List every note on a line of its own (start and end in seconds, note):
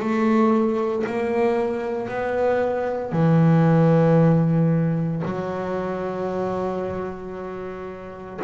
0.00 1.05 A3
1.07 2.09 A#3
2.09 3.12 B3
3.12 5.23 E3
5.25 8.41 F#3